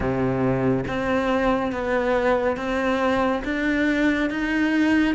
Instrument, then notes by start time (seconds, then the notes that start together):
cello
0.00 C3
0.87 C4
1.71 B3
2.56 C4
3.44 D4
4.29 D#4